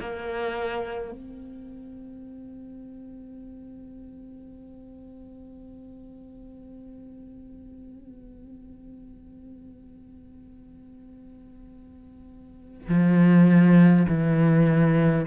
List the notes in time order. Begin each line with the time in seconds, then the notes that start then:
0.00 A#3
1.12 C4
12.89 F3
14.09 E3